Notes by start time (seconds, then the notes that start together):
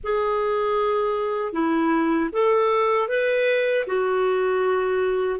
0.03 G#4
1.52 E4
2.32 A4
3.08 B4
3.87 F#4